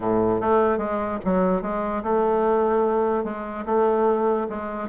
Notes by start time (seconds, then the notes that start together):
0.00 A2
0.40 A3
0.78 G#3
1.24 F#3
1.62 G#3
2.03 A3
3.24 G#3
3.65 A3
4.49 G#3